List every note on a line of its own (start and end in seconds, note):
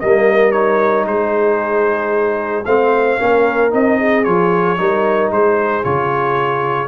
0.00 1.06 G3
0.00 0.52 A#3
0.00 1.09 A#4
0.00 0.52 D#5
0.52 2.65 D#4
0.52 1.05 C#5
1.06 2.65 G#3
1.06 2.66 G#4
1.06 2.66 C5
2.66 3.19 A3
2.66 3.19 C4
2.66 3.19 C5
2.66 3.72 F5
3.19 3.74 A#3
3.19 3.71 C#4
3.19 3.99 A#4
3.71 4.27 C4
3.71 4.24 D#4
3.71 4.25 D#5
3.99 4.78 G#4
4.24 4.79 F3
4.24 4.77 F4
4.24 5.31 C#5
4.78 5.31 G3
4.78 5.84 D#4
4.78 5.34 A#4
5.31 5.84 G#3
5.31 6.88 G#4
5.31 5.85 C5
5.84 6.88 C#3
5.84 6.88 F4
5.84 6.88 C#5